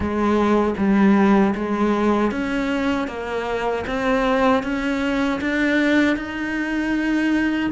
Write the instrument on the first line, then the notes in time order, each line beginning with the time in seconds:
cello
0.00 G#3
0.77 G3
1.55 G#3
2.31 C#4
3.07 A#3
3.86 C4
4.63 C#4
5.41 D4
6.16 D#4